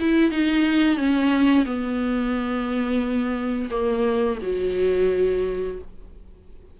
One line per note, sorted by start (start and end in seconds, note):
0.00 0.31 E4
0.31 0.97 D#4
0.97 1.65 C#4
1.65 3.70 B3
3.70 4.39 A#3
4.42 5.78 F#3